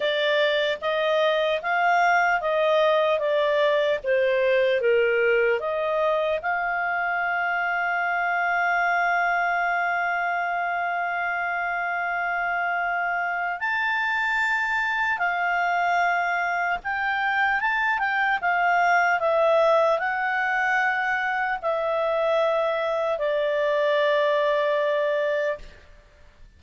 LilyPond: \new Staff \with { instrumentName = "clarinet" } { \time 4/4 \tempo 4 = 75 d''4 dis''4 f''4 dis''4 | d''4 c''4 ais'4 dis''4 | f''1~ | f''1~ |
f''4 a''2 f''4~ | f''4 g''4 a''8 g''8 f''4 | e''4 fis''2 e''4~ | e''4 d''2. | }